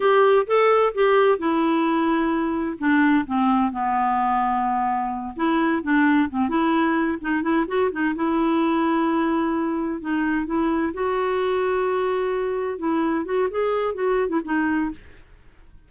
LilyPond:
\new Staff \with { instrumentName = "clarinet" } { \time 4/4 \tempo 4 = 129 g'4 a'4 g'4 e'4~ | e'2 d'4 c'4 | b2.~ b8 e'8~ | e'8 d'4 c'8 e'4. dis'8 |
e'8 fis'8 dis'8 e'2~ e'8~ | e'4. dis'4 e'4 fis'8~ | fis'2.~ fis'8 e'8~ | e'8 fis'8 gis'4 fis'8. e'16 dis'4 | }